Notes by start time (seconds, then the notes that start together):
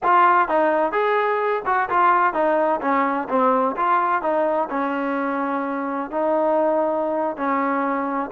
0.03 F4
0.48 D#4
0.91 G#4
1.65 F#4
1.89 F4
2.33 D#4
2.81 C#4
3.28 C4
3.76 F4
4.22 D#4
4.70 C#4
6.10 D#4
7.36 C#4